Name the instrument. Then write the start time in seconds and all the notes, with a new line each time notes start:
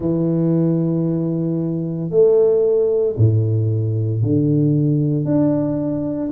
tuba
0.00 E3
2.10 A3
3.17 A2
4.22 D3
5.24 D4